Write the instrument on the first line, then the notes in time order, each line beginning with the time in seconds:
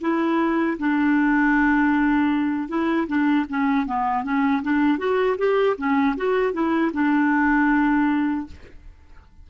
clarinet
0.00 E4
0.78 D4
2.68 E4
3.07 D4
3.49 C#4
3.86 B3
4.23 C#4
4.62 D4
4.98 F#4
5.37 G4
5.77 C#4
6.16 F#4
6.52 E4
6.93 D4